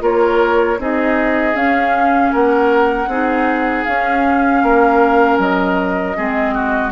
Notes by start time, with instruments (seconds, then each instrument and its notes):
0.00 bassoon A#3, clarinet F4, oboe A#4, flute C#5
0.78 bassoon C4, clarinet D#4, oboe G#4, flute D#5
1.54 clarinet C#4, bassoon C#4, flute F5
2.32 bassoon A#3, oboe A#4, flute F#5
3.07 bassoon C4, clarinet D#4, oboe G#4
3.84 bassoon C#4, clarinet C#4, flute F5
4.62 bassoon A#3, oboe A#4
5.38 bassoon F#3, flute D#5
6.16 bassoon G#3, clarinet C4, oboe G#4
6.54 oboe F#4